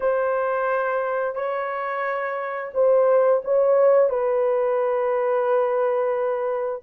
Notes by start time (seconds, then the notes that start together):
0.00 C5
1.35 C#5
2.73 C5
3.44 C#5
4.09 B4